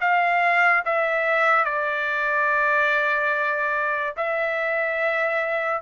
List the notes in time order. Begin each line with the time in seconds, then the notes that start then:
0.00 F5
0.85 E5
1.65 D5
4.17 E5